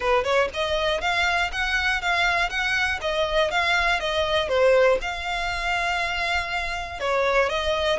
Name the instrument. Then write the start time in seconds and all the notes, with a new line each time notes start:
violin
0.00 B4
0.24 C#5
0.53 D#5
1.00 F5
1.52 F#5
2.01 F5
2.49 F#5
3.01 D#5
3.50 F5
4.00 D#5
4.48 C5
5.01 F5
7.00 C#5
7.49 D#5